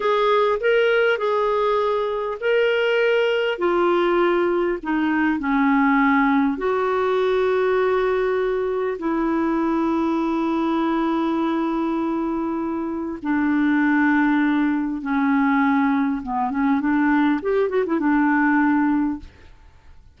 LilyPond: \new Staff \with { instrumentName = "clarinet" } { \time 4/4 \tempo 4 = 100 gis'4 ais'4 gis'2 | ais'2 f'2 | dis'4 cis'2 fis'4~ | fis'2. e'4~ |
e'1~ | e'2 d'2~ | d'4 cis'2 b8 cis'8 | d'4 g'8 fis'16 e'16 d'2 | }